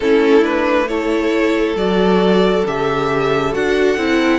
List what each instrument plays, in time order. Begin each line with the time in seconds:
0.00 cello A3, viola C#4, violin E4 A4
0.41 viola D4, violin B4
0.87 viola E4, violin A4 C#5
1.75 cello F#3, viola F#4, violin D5
2.66 cello C#3, viola G4, violin E5
3.53 cello D4, viola F#4, violin F#5
3.97 cello C4, viola E4